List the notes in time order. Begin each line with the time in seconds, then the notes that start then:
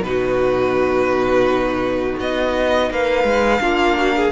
0.00 B2 D#4 B4
0.08 F#4
2.19 B3 D#5
2.90 A#3 B4 F5
3.24 G#3
3.60 A#3 D4 F4
3.97 F#4
4.16 G#4